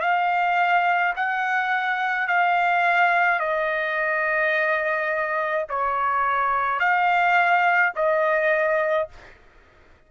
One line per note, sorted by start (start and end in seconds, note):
0.00 1.13 F5
1.16 2.27 F#5
2.27 3.39 F5
3.39 5.66 D#5
5.69 6.79 C#5
6.79 7.92 F5
7.95 9.08 D#5